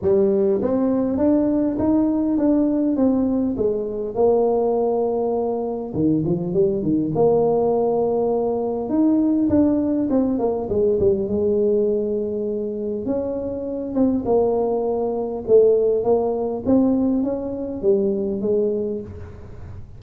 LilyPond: \new Staff \with { instrumentName = "tuba" } { \time 4/4 \tempo 4 = 101 g4 c'4 d'4 dis'4 | d'4 c'4 gis4 ais4~ | ais2 dis8 f8 g8 dis8 | ais2. dis'4 |
d'4 c'8 ais8 gis8 g8 gis4~ | gis2 cis'4. c'8 | ais2 a4 ais4 | c'4 cis'4 g4 gis4 | }